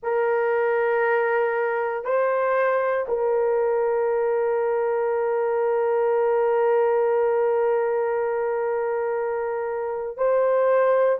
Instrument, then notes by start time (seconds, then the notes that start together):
horn
0.02 A#4
2.04 C5
3.07 A#4
10.17 C5